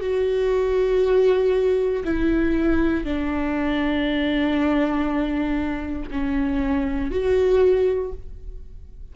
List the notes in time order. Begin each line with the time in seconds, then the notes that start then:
0.00 F#4
2.04 E4
3.04 D4
6.11 C#4
7.10 F#4